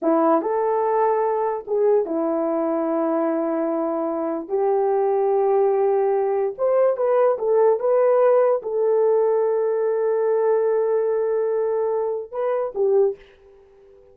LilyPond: \new Staff \with { instrumentName = "horn" } { \time 4/4 \tempo 4 = 146 e'4 a'2. | gis'4 e'2.~ | e'2. g'4~ | g'1 |
c''4 b'4 a'4 b'4~ | b'4 a'2.~ | a'1~ | a'2 b'4 g'4 | }